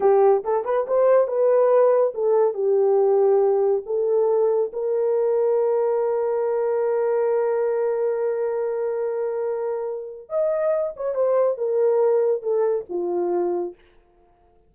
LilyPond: \new Staff \with { instrumentName = "horn" } { \time 4/4 \tempo 4 = 140 g'4 a'8 b'8 c''4 b'4~ | b'4 a'4 g'2~ | g'4 a'2 ais'4~ | ais'1~ |
ais'1~ | ais'1 | dis''4. cis''8 c''4 ais'4~ | ais'4 a'4 f'2 | }